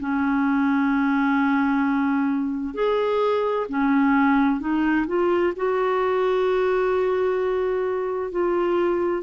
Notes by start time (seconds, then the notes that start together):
0.00 C#4
2.75 G#4
3.70 C#4
4.61 D#4
5.07 F4
5.57 F#4
8.32 F4